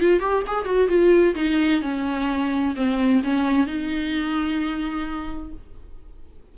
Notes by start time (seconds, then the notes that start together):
0.00 F4
0.20 G4
0.47 G#4
0.65 F#4
0.88 F4
1.35 D#4
1.82 C#4
2.76 C4
3.23 C#4
3.67 D#4